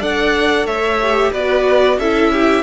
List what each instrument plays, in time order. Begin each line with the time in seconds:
0.00 cello D4, viola A4, violin D5 F#5
0.66 cello A3, violin C#5 E5
1.02 viola G4
1.31 cello B3, viola F#4, violin B4 D5
1.98 cello C#4, viola E4, violin A4 E5
2.32 violin G4